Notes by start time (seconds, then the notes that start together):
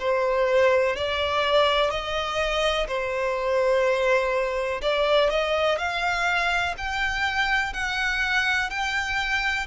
0.00 C5
0.96 D5
1.90 D#5
2.88 C5
4.82 D5
5.30 D#5
5.78 F5
6.78 G5
7.74 F#5
8.71 G5